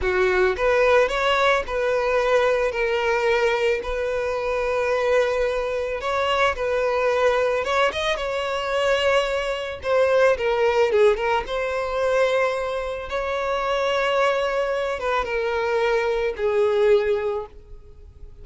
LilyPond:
\new Staff \with { instrumentName = "violin" } { \time 4/4 \tempo 4 = 110 fis'4 b'4 cis''4 b'4~ | b'4 ais'2 b'4~ | b'2. cis''4 | b'2 cis''8 dis''8 cis''4~ |
cis''2 c''4 ais'4 | gis'8 ais'8 c''2. | cis''2.~ cis''8 b'8 | ais'2 gis'2 | }